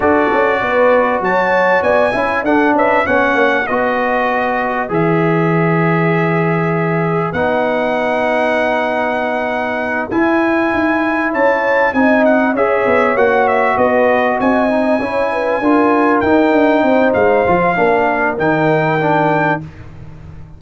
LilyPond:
<<
  \new Staff \with { instrumentName = "trumpet" } { \time 4/4 \tempo 4 = 98 d''2 a''4 gis''4 | fis''8 e''8 fis''4 dis''2 | e''1 | fis''1~ |
fis''8 gis''2 a''4 gis''8 | fis''8 e''4 fis''8 e''8 dis''4 gis''8~ | gis''2~ gis''8 g''4. | f''2 g''2 | }
  \new Staff \with { instrumentName = "horn" } { \time 4/4 a'4 b'4 cis''4 d''8 e''8 | a'8 b'8 cis''4 b'2~ | b'1~ | b'1~ |
b'2~ b'8 cis''4 dis''8~ | dis''8 cis''2 b'4 dis''8~ | dis''8 cis''8 b'8 ais'2 c''8~ | c''4 ais'2. | }
  \new Staff \with { instrumentName = "trombone" } { \time 4/4 fis'2.~ fis'8 e'8 | d'4 cis'4 fis'2 | gis'1 | dis'1~ |
dis'8 e'2. dis'8~ | dis'8 gis'4 fis'2~ fis'8 | dis'8 e'4 f'4 dis'4.~ | dis'8 f'8 d'4 dis'4 d'4 | }
  \new Staff \with { instrumentName = "tuba" } { \time 4/4 d'8 cis'8 b4 fis4 b8 cis'8 | d'8 cis'8 b8 ais8 b2 | e1 | b1~ |
b8 e'4 dis'4 cis'4 c'8~ | c'8 cis'8 b8 ais4 b4 c'8~ | c'8 cis'4 d'4 dis'8 d'8 c'8 | gis8 f8 ais4 dis2 | }
>>